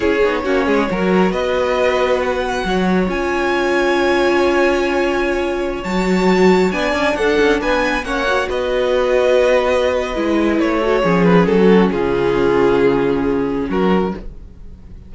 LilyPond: <<
  \new Staff \with { instrumentName = "violin" } { \time 4/4 \tempo 4 = 136 cis''2. dis''4~ | dis''4 fis''2 gis''4~ | gis''1~ | gis''4~ gis''16 a''2 gis''8.~ |
gis''16 fis''4 gis''4 fis''4 dis''8.~ | dis''1 | cis''4. b'8 a'4 gis'4~ | gis'2. ais'4 | }
  \new Staff \with { instrumentName = "violin" } { \time 4/4 gis'4 fis'8 gis'8 ais'4 b'4~ | b'2 cis''2~ | cis''1~ | cis''2.~ cis''16 d''8.~ |
d''16 a'4 b'4 cis''4 b'8.~ | b'1~ | b'8 a'8 gis'4~ gis'16 fis'8. f'4~ | f'2. fis'4 | }
  \new Staff \with { instrumentName = "viola" } { \time 4/4 e'8 dis'8 cis'4 fis'2~ | fis'2. f'4~ | f'1~ | f'4~ f'16 fis'2 d'8.~ |
d'2~ d'16 cis'8 fis'4~ fis'16~ | fis'2. e'4~ | e'8 fis'8 cis'2.~ | cis'1 | }
  \new Staff \with { instrumentName = "cello" } { \time 4/4 cis'8 b8 ais8 gis8 fis4 b4~ | b2 fis4 cis'4~ | cis'1~ | cis'4~ cis'16 fis2 b8 cis'16~ |
cis'16 d'8 cis'8 b4 ais4 b8.~ | b2. gis4 | a4 f4 fis4 cis4~ | cis2. fis4 | }
>>